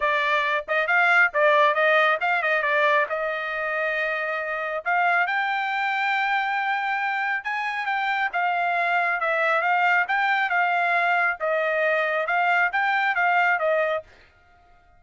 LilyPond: \new Staff \with { instrumentName = "trumpet" } { \time 4/4 \tempo 4 = 137 d''4. dis''8 f''4 d''4 | dis''4 f''8 dis''8 d''4 dis''4~ | dis''2. f''4 | g''1~ |
g''4 gis''4 g''4 f''4~ | f''4 e''4 f''4 g''4 | f''2 dis''2 | f''4 g''4 f''4 dis''4 | }